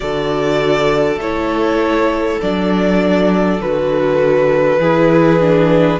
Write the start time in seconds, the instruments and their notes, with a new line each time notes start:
0.00 cello D3, viola F#4, violin A4 D5
1.17 cello A3, viola E4, violin C#5
2.41 cello F#3, viola D4, violin D5
3.59 cello D3, viola F#4, violin B4
4.78 cello E3, viola E4, violin G#4
5.40 viola D4